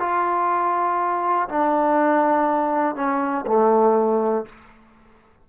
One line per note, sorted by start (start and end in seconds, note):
0.00 1.49 F4
1.49 2.96 D4
2.96 3.46 C#4
3.47 4.46 A3